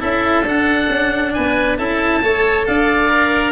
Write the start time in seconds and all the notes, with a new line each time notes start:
0.00 C#4 E4 A4 E5
0.43 D4 F#5
0.90 C#4
1.34 B3 B4 G#5
1.78 C#4 E4 A4 A5
2.22 A3 A4 C#5
2.67 D4 D5 F5
3.09 A#4